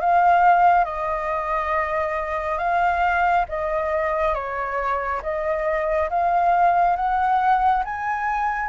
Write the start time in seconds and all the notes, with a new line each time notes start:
0.00 F5
0.85 D#5
2.58 F5
3.49 D#5
4.34 C#5
5.23 D#5
6.09 F5
6.96 F#5
7.85 G#5